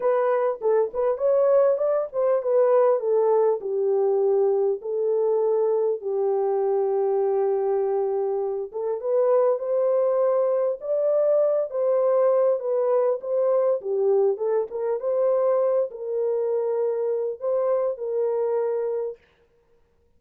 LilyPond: \new Staff \with { instrumentName = "horn" } { \time 4/4 \tempo 4 = 100 b'4 a'8 b'8 cis''4 d''8 c''8 | b'4 a'4 g'2 | a'2 g'2~ | g'2~ g'8 a'8 b'4 |
c''2 d''4. c''8~ | c''4 b'4 c''4 g'4 | a'8 ais'8 c''4. ais'4.~ | ais'4 c''4 ais'2 | }